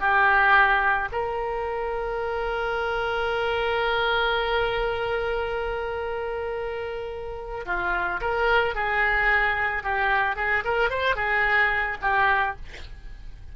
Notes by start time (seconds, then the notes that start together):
0.00 G4
1.13 A#4
7.66 F4
8.21 A#4
8.75 G#4
9.84 G4
10.37 G#4
10.65 A#4
10.90 C5
11.16 G#4
12.02 G4